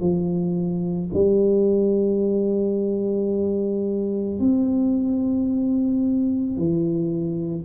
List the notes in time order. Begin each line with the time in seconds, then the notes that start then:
0.00 F3
1.14 G3
4.40 C4
6.58 E3